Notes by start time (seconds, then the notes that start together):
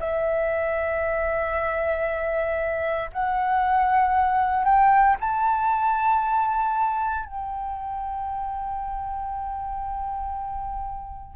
0.00 E5
3.13 F#5
4.64 G5
5.20 A5
7.25 G5